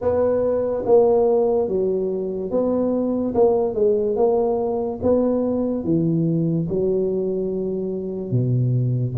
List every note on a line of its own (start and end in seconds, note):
0.01 0.84 B3
0.85 1.67 A#3
1.67 2.50 F#3
2.50 3.34 B3
3.34 3.74 A#3
3.74 4.16 G#3
4.16 4.99 A#3
5.02 5.84 B3
5.84 6.67 E3
6.69 8.31 F#3
8.31 9.14 B2